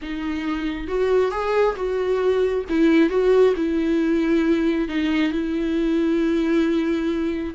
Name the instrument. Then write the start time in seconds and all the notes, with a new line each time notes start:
viola
0.02 D#4
0.87 F#4
1.31 G#4
1.76 F#4
2.69 E4
3.09 F#4
3.56 E4
4.88 D#4
5.32 E4